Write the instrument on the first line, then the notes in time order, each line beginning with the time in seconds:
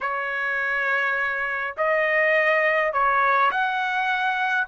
trumpet
0.00 C#5
1.77 D#5
2.92 C#5
3.51 F#5